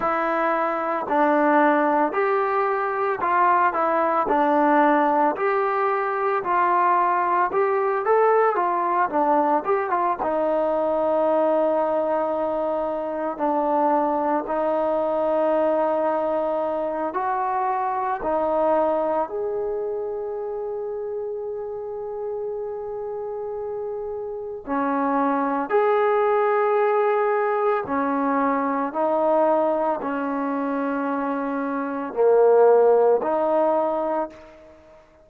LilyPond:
\new Staff \with { instrumentName = "trombone" } { \time 4/4 \tempo 4 = 56 e'4 d'4 g'4 f'8 e'8 | d'4 g'4 f'4 g'8 a'8 | f'8 d'8 g'16 f'16 dis'2~ dis'8~ | dis'8 d'4 dis'2~ dis'8 |
fis'4 dis'4 gis'2~ | gis'2. cis'4 | gis'2 cis'4 dis'4 | cis'2 ais4 dis'4 | }